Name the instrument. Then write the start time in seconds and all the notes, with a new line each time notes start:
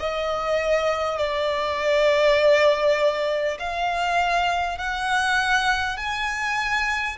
violin
0.00 D#5
1.18 D5
3.59 F5
4.78 F#5
5.97 G#5